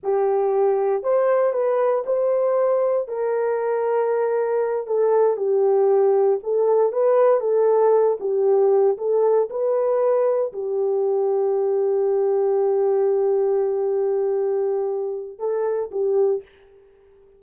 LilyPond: \new Staff \with { instrumentName = "horn" } { \time 4/4 \tempo 4 = 117 g'2 c''4 b'4 | c''2 ais'2~ | ais'4. a'4 g'4.~ | g'8 a'4 b'4 a'4. |
g'4. a'4 b'4.~ | b'8 g'2.~ g'8~ | g'1~ | g'2 a'4 g'4 | }